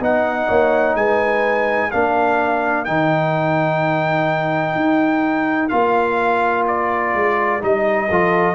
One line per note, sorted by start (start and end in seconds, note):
0.00 0.48 B3
0.00 1.91 D#4
0.00 0.48 D#5
0.00 0.96 F#5
0.48 0.95 A#3
0.48 0.96 C#5
0.95 1.90 G#3
0.95 1.90 B4
0.95 1.91 G#5
1.90 2.88 A#3
1.90 2.86 D4
1.90 8.08 A#4
1.90 2.85 F5
2.85 4.76 D#3
2.85 5.70 D#4
2.85 5.68 G5
4.76 5.71 D#4
5.68 7.14 A#3
5.68 7.61 F4
5.68 6.64 F5
6.67 7.62 D5
7.14 7.61 G#3
7.61 8.10 G3
7.61 8.08 D#4
7.61 8.55 D#5
8.08 8.55 F3
8.08 8.55 F4
8.08 8.55 A4